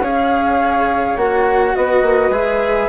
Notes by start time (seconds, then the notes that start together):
0.00 C#4 G#4 C#5 F5
1.17 A#3 F#4 F#5
1.76 B3 B4 D#5
2.02 A#3
2.30 G#3 G#4 E5